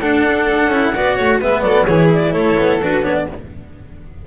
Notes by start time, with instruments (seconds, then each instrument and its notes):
0.00 double bass D4, cello D4, violin A4, clarinet F#5
0.67 double bass C#4, cello E4
0.95 double bass B3, cello F#4, violin D5
1.15 double bass A3, violin C#5
1.40 double bass G#3, cello B3, violin B4, clarinet E5
1.61 double bass F#3, violin A4, clarinet D5
1.84 double bass E3, cello E4, violin G#4, clarinet C#5
2.13 clarinet D5
2.32 double bass A3, violin A4, clarinet C#5
2.57 double bass B3
2.82 double bass D4, cello F#4, clarinet B4
3.03 double bass B3, cello D4, clarinet C#5
3.15 clarinet D5